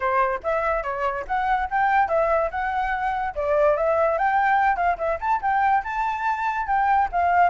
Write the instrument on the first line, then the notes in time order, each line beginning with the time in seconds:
flute
0.00 C5
0.43 E5
0.83 C#5
1.27 F#5
1.70 G5
2.08 E5
2.51 F#5
3.35 D5
3.76 E5
4.18 G5
4.76 F5
4.98 E5
5.20 A5
5.41 G5
5.83 A5
6.66 G5
7.11 F5